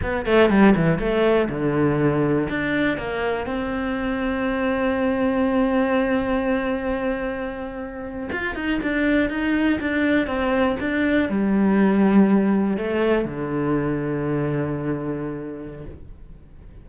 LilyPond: \new Staff \with { instrumentName = "cello" } { \time 4/4 \tempo 4 = 121 b8 a8 g8 e8 a4 d4~ | d4 d'4 ais4 c'4~ | c'1~ | c'1~ |
c'8. f'8 dis'8 d'4 dis'4 d'16~ | d'8. c'4 d'4 g4~ g16~ | g4.~ g16 a4 d4~ d16~ | d1 | }